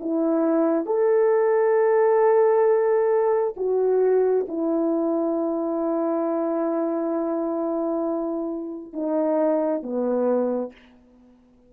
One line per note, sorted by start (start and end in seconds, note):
0.00 0.85 E4
0.85 3.54 A4
3.57 4.46 F#4
4.48 8.93 E4
8.93 9.83 D#4
9.83 10.72 B3